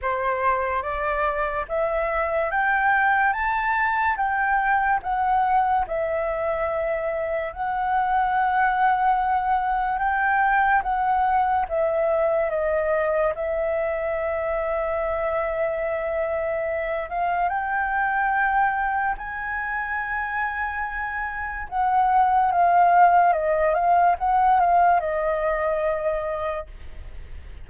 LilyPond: \new Staff \with { instrumentName = "flute" } { \time 4/4 \tempo 4 = 72 c''4 d''4 e''4 g''4 | a''4 g''4 fis''4 e''4~ | e''4 fis''2. | g''4 fis''4 e''4 dis''4 |
e''1~ | e''8 f''8 g''2 gis''4~ | gis''2 fis''4 f''4 | dis''8 f''8 fis''8 f''8 dis''2 | }